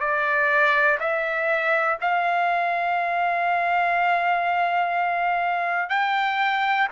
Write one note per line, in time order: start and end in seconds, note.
0.00 0.98 D5
0.99 1.98 E5
2.01 5.89 F5
5.89 6.88 G5